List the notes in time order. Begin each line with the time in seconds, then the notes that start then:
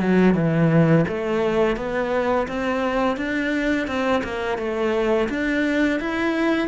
0.00 F#3
0.35 E3
1.08 A3
1.76 B3
2.48 C4
3.17 D4
3.87 C4
4.24 A#3
4.58 A3
5.29 D4
6.00 E4